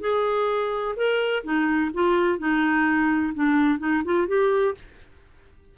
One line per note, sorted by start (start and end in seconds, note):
0.00 0.94 G#4
0.96 1.43 A#4
1.43 1.91 D#4
1.93 2.38 F4
2.38 3.33 D#4
3.34 3.78 D4
3.78 4.02 D#4
4.04 4.27 F4
4.27 4.74 G4